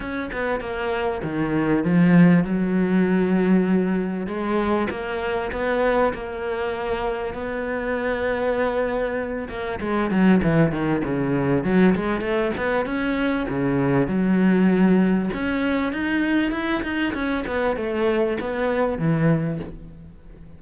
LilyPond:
\new Staff \with { instrumentName = "cello" } { \time 4/4 \tempo 4 = 98 cis'8 b8 ais4 dis4 f4 | fis2. gis4 | ais4 b4 ais2 | b2.~ b8 ais8 |
gis8 fis8 e8 dis8 cis4 fis8 gis8 | a8 b8 cis'4 cis4 fis4~ | fis4 cis'4 dis'4 e'8 dis'8 | cis'8 b8 a4 b4 e4 | }